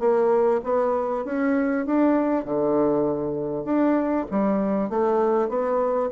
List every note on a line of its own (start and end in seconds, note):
0.00 0.61 A#3
0.64 1.25 B3
1.25 1.86 C#4
1.87 2.45 D4
2.45 3.65 D3
3.65 4.26 D4
4.31 4.90 G3
4.90 5.49 A3
5.49 6.11 B3